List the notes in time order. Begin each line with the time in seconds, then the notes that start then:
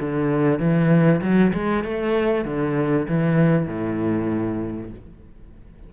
0.00 D3
0.59 E3
1.21 F#3
1.53 G#3
1.84 A3
2.45 D3
3.08 E3
3.67 A2